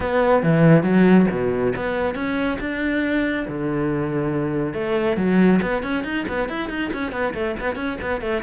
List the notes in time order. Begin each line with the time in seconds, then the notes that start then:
0.00 B3
0.42 E3
0.83 F#3
1.30 B2
1.75 B3
2.15 C#4
2.60 D4
3.47 D3
4.73 A3
5.16 F#3
5.62 B3
5.83 C#4
6.04 D#4
6.28 B3
6.48 E4
6.69 D#4
6.93 C#4
7.12 B3
7.33 A3
7.60 B3
7.75 C#4
8.01 B3
8.21 A3